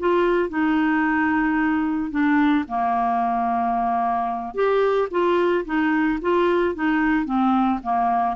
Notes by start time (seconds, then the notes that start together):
0.00 F4
0.49 D#4
2.11 D4
2.68 A#3
4.55 G4
5.11 F4
5.66 D#4
6.22 F4
6.75 D#4
7.26 C4
7.83 A#3